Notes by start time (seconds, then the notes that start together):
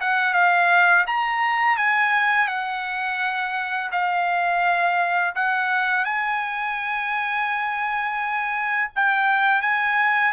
0.00 F#5
0.33 F5
1.06 A#5
1.77 G#5
2.47 F#5
3.91 F5
5.35 F#5
6.05 G#5
8.95 G5
9.61 G#5